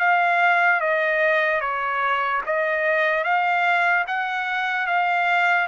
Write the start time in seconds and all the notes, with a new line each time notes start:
0.00 F5
0.81 D#5
1.61 C#5
2.46 D#5
3.24 F5
4.08 F#5
4.87 F5